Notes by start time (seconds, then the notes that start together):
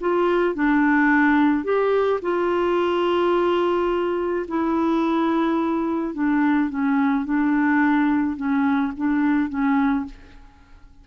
0.00 F4
0.55 D4
1.64 G4
2.21 F4
4.48 E4
6.14 D4
6.69 C#4
7.24 D4
8.36 C#4
8.96 D4
9.49 C#4